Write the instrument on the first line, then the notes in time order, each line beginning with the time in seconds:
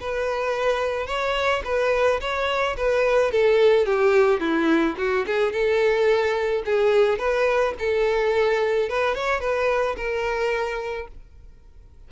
violin
0.00 B4
1.06 C#5
1.64 B4
2.20 C#5
2.77 B4
3.31 A4
3.86 G4
4.40 E4
4.97 F#4
5.26 G#4
5.52 A4
6.65 G#4
7.18 B4
7.79 A4
8.89 B4
9.15 C#5
9.40 B4
9.96 A#4